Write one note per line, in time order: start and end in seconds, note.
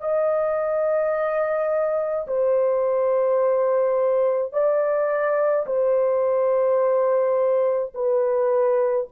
0.00 2.26 D#5
2.27 4.53 C5
4.53 5.66 D5
5.67 7.93 C5
7.95 9.08 B4